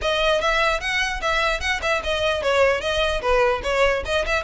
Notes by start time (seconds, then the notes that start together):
0.01 D#5
0.40 E5
0.80 F#5
1.21 E5
1.60 F#5
1.82 E5
2.03 D#5
2.42 C#5
2.80 D#5
3.21 B4
3.63 C#5
4.05 D#5
4.26 E5